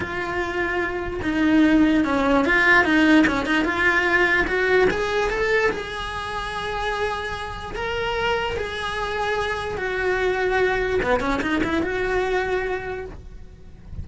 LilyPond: \new Staff \with { instrumentName = "cello" } { \time 4/4 \tempo 4 = 147 f'2. dis'4~ | dis'4 cis'4 f'4 dis'4 | cis'8 dis'8 f'2 fis'4 | gis'4 a'4 gis'2~ |
gis'2. ais'4~ | ais'4 gis'2. | fis'2. b8 cis'8 | dis'8 e'8 fis'2. | }